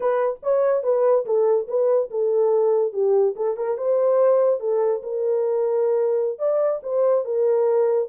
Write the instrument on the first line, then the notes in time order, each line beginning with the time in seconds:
horn
0.00 B4
0.43 C#5
0.83 B4
1.25 A4
1.68 B4
2.10 A4
2.92 G4
3.35 A4
3.56 A#4
3.77 C5
4.59 A4
5.02 A#4
6.38 D5
6.82 C5
7.24 A#4